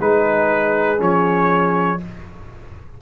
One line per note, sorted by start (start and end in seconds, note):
0.00 1.00 G#3
0.00 0.98 D#4
0.00 2.00 G#4
0.00 1.01 B4
0.98 2.00 F3
0.98 1.98 C#4
0.98 2.02 C#5